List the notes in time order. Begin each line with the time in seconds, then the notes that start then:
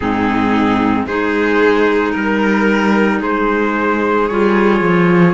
0.00 G#2 C4 D#4 G#4
1.06 G#3 D#4 G#4 C5
2.11 G3 A#4
3.20 G#3 G#4 C5
4.27 G3 F4 C#5
4.81 F3